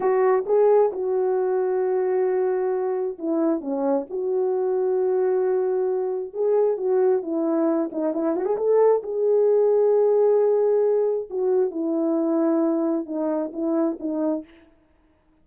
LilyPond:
\new Staff \with { instrumentName = "horn" } { \time 4/4 \tempo 4 = 133 fis'4 gis'4 fis'2~ | fis'2. e'4 | cis'4 fis'2.~ | fis'2 gis'4 fis'4 |
e'4. dis'8 e'8 fis'16 gis'16 a'4 | gis'1~ | gis'4 fis'4 e'2~ | e'4 dis'4 e'4 dis'4 | }